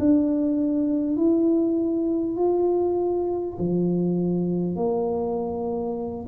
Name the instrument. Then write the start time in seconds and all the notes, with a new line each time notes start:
tuba
0.00 D4
1.17 E4
2.37 F4
3.59 F3
4.76 A#3